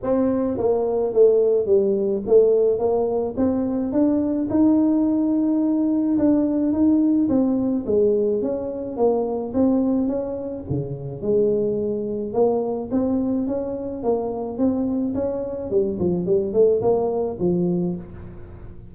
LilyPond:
\new Staff \with { instrumentName = "tuba" } { \time 4/4 \tempo 4 = 107 c'4 ais4 a4 g4 | a4 ais4 c'4 d'4 | dis'2. d'4 | dis'4 c'4 gis4 cis'4 |
ais4 c'4 cis'4 cis4 | gis2 ais4 c'4 | cis'4 ais4 c'4 cis'4 | g8 f8 g8 a8 ais4 f4 | }